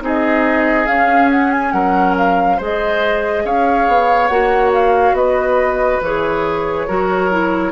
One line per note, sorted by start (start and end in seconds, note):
0.00 0.86 C4
0.00 0.86 D#4
0.00 1.73 G#4
0.00 0.86 D#5
0.86 2.59 C#4
0.86 1.73 C#4
0.86 1.29 F5
1.31 1.51 F#5
1.51 1.71 G#5
1.71 2.58 F#3
1.71 2.56 A#4
1.71 2.14 F#5
2.17 2.60 F5
2.56 3.44 G#3
2.56 4.30 G#4
2.56 3.42 C5
2.63 3.46 D#5
3.44 3.87 C#4
3.44 5.16 C#5
3.44 4.27 F5
3.87 4.29 B3
4.27 5.12 A#3
4.27 6.02 F#4
4.27 4.70 F#5
4.73 5.14 F5
5.12 5.98 B3
5.12 6.86 B4
5.12 6.00 D#5
6.01 6.87 E3
6.01 6.87 G#4
6.01 7.72 C#5
6.86 7.72 F#3
6.86 7.30 F#4
6.86 7.72 A#4
7.30 7.72 E4